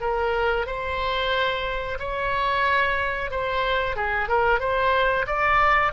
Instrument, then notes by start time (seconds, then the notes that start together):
oboe
0.00 A#4
0.66 C5
1.99 C#5
3.31 C5
3.96 G#4
4.28 A#4
4.59 C5
5.27 D5